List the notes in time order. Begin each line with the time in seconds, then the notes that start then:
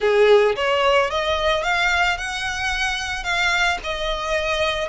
0.00 G#4
0.56 C#5
1.10 D#5
1.63 F5
2.17 F#5
3.23 F5
3.83 D#5